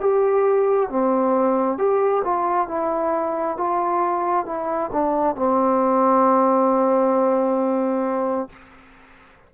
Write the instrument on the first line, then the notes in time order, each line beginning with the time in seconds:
trombone
0.00 G4
0.89 C4
1.77 G4
2.24 F4
2.67 E4
3.57 F4
4.45 E4
4.93 D4
5.36 C4